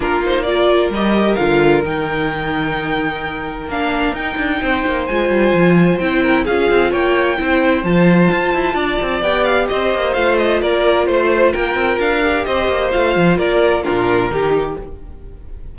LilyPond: <<
  \new Staff \with { instrumentName = "violin" } { \time 4/4 \tempo 4 = 130 ais'8 c''8 d''4 dis''4 f''4 | g''1 | f''4 g''2 gis''4~ | gis''4 g''4 f''4 g''4~ |
g''4 a''2. | g''8 f''8 dis''4 f''8 dis''8 d''4 | c''4 g''4 f''4 dis''4 | f''4 d''4 ais'2 | }
  \new Staff \with { instrumentName = "violin" } { \time 4/4 f'4 ais'2.~ | ais'1~ | ais'2 c''2~ | c''4. ais'8 gis'4 cis''4 |
c''2. d''4~ | d''4 c''2 ais'4 | c''4 ais'2 c''4~ | c''4 ais'4 f'4 g'4 | }
  \new Staff \with { instrumentName = "viola" } { \time 4/4 d'8 dis'8 f'4 g'4 f'4 | dis'1 | d'4 dis'2 f'4~ | f'4 e'4 f'2 |
e'4 f'2. | g'2 f'2~ | f'2~ f'8 g'4. | f'2 d'4 dis'4 | }
  \new Staff \with { instrumentName = "cello" } { \time 4/4 ais2 g4 d4 | dis1 | ais4 dis'8 d'8 c'8 ais8 gis8 g8 | f4 c'4 cis'8 c'8 ais4 |
c'4 f4 f'8 e'8 d'8 c'8 | b4 c'8 ais8 a4 ais4 | a4 ais8 c'8 d'4 c'8 ais8 | a8 f8 ais4 ais,4 dis4 | }
>>